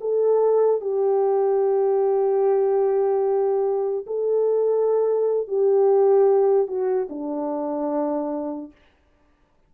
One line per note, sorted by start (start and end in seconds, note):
0.00 0.81 A4
0.81 4.05 G4
4.06 5.47 A4
5.47 6.67 G4
6.67 7.07 F#4
7.09 8.71 D4